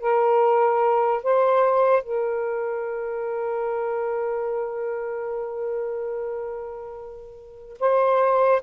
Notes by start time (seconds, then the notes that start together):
0.00 A#4
1.23 C5
2.03 A#4
7.80 C5